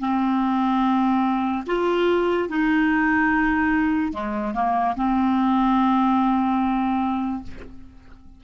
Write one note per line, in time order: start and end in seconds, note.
0.00 1.64 C4
1.67 2.49 F4
2.49 4.13 D#4
4.13 4.54 G#3
4.54 4.95 A#3
4.96 7.43 C4